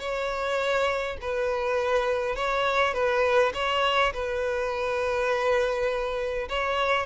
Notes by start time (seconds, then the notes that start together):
0.00 C#5
1.21 B4
2.36 C#5
2.94 B4
3.54 C#5
4.14 B4
6.49 C#5